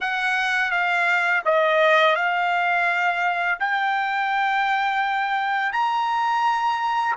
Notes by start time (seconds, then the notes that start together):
0.00 F#5
0.71 F5
1.45 D#5
2.15 F5
3.59 G5
5.72 A#5